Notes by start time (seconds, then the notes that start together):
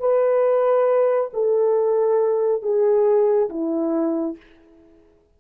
0.00 B4
1.34 A4
2.62 G#4
3.50 E4